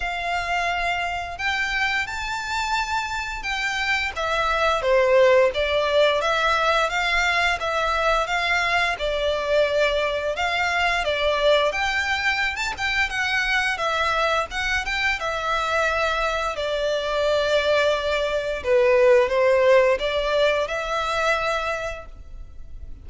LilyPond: \new Staff \with { instrumentName = "violin" } { \time 4/4 \tempo 4 = 87 f''2 g''4 a''4~ | a''4 g''4 e''4 c''4 | d''4 e''4 f''4 e''4 | f''4 d''2 f''4 |
d''4 g''4~ g''16 a''16 g''8 fis''4 | e''4 fis''8 g''8 e''2 | d''2. b'4 | c''4 d''4 e''2 | }